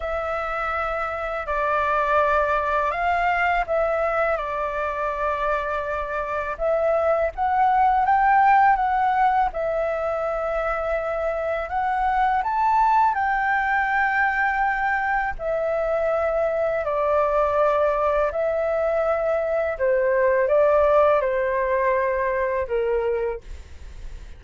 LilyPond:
\new Staff \with { instrumentName = "flute" } { \time 4/4 \tempo 4 = 82 e''2 d''2 | f''4 e''4 d''2~ | d''4 e''4 fis''4 g''4 | fis''4 e''2. |
fis''4 a''4 g''2~ | g''4 e''2 d''4~ | d''4 e''2 c''4 | d''4 c''2 ais'4 | }